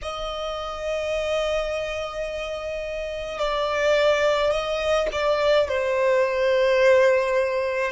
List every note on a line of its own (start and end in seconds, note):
0.02 3.38 D#5
3.38 4.51 D5
4.51 5.07 D#5
5.11 5.68 D5
5.68 7.91 C5